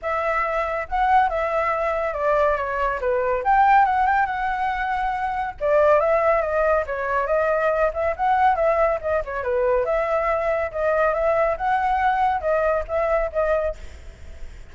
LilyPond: \new Staff \with { instrumentName = "flute" } { \time 4/4 \tempo 4 = 140 e''2 fis''4 e''4~ | e''4 d''4 cis''4 b'4 | g''4 fis''8 g''8 fis''2~ | fis''4 d''4 e''4 dis''4 |
cis''4 dis''4. e''8 fis''4 | e''4 dis''8 cis''8 b'4 e''4~ | e''4 dis''4 e''4 fis''4~ | fis''4 dis''4 e''4 dis''4 | }